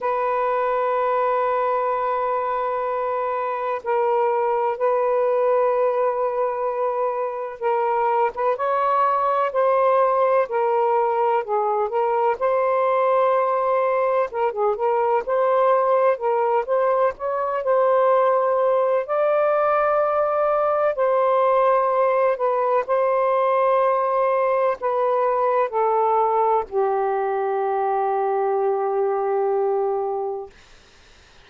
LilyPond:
\new Staff \with { instrumentName = "saxophone" } { \time 4/4 \tempo 4 = 63 b'1 | ais'4 b'2. | ais'8. b'16 cis''4 c''4 ais'4 | gis'8 ais'8 c''2 ais'16 gis'16 ais'8 |
c''4 ais'8 c''8 cis''8 c''4. | d''2 c''4. b'8 | c''2 b'4 a'4 | g'1 | }